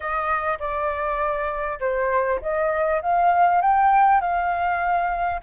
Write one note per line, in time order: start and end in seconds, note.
0.00 0.58 D#5
0.59 1.79 D5
1.80 2.40 C5
2.41 3.01 D#5
3.02 3.61 F5
3.61 4.20 G5
4.20 5.40 F5